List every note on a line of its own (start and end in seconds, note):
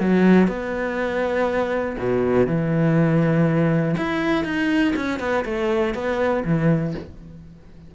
0.00 0.48 F#3
0.48 1.96 B3
1.99 2.47 B2
2.47 3.96 E3
3.97 4.44 E4
4.44 4.94 D#4
4.96 5.20 C#4
5.20 5.44 B3
5.45 5.94 A3
5.94 6.44 B3
6.45 6.95 E3